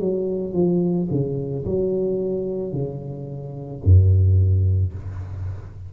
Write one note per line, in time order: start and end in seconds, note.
0.00 0.54 F#3
0.54 1.08 F3
1.11 1.65 C#3
1.66 2.73 F#3
2.73 3.82 C#3
3.84 4.93 F#2